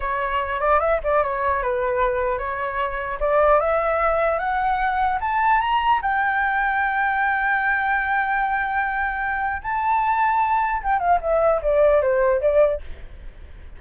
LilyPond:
\new Staff \with { instrumentName = "flute" } { \time 4/4 \tempo 4 = 150 cis''4. d''8 e''8 d''8 cis''4 | b'2 cis''2 | d''4 e''2 fis''4~ | fis''4 a''4 ais''4 g''4~ |
g''1~ | g''1 | a''2. g''8 f''8 | e''4 d''4 c''4 d''4 | }